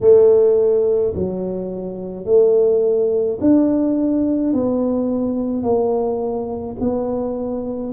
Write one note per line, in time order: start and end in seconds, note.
0.00 1.13 A3
1.14 2.25 F#3
2.25 3.38 A3
3.40 4.53 D4
4.53 5.62 B3
5.62 6.76 A#3
6.79 7.92 B3